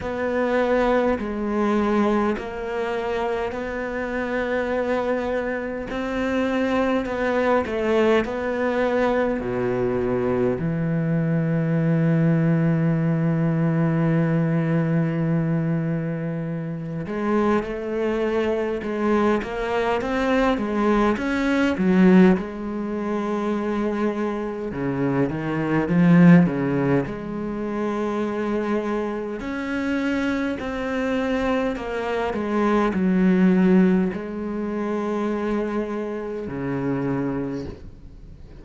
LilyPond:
\new Staff \with { instrumentName = "cello" } { \time 4/4 \tempo 4 = 51 b4 gis4 ais4 b4~ | b4 c'4 b8 a8 b4 | b,4 e2.~ | e2~ e8 gis8 a4 |
gis8 ais8 c'8 gis8 cis'8 fis8 gis4~ | gis4 cis8 dis8 f8 cis8 gis4~ | gis4 cis'4 c'4 ais8 gis8 | fis4 gis2 cis4 | }